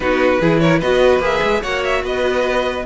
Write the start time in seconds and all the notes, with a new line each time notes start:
0.00 B3 D#4 F#4 B4
0.40 E3 E4 G#4
0.59 A#4 C#5
0.79 B3 F#4 B4 D#5
1.19 A#3 G#4 E5
1.43 G#3
1.61 A#3 F#4 C#5 F#5
1.84 E5
2.03 B3 B4 D#5